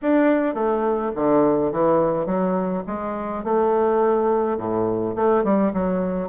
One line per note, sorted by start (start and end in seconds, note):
0.02 0.54 D4
0.54 1.11 A3
1.15 1.72 D3
1.72 2.25 E3
2.25 2.83 F#3
2.86 3.44 G#3
3.44 4.57 A3
4.57 5.14 A2
5.15 5.43 A3
5.43 5.72 G3
5.73 6.28 F#3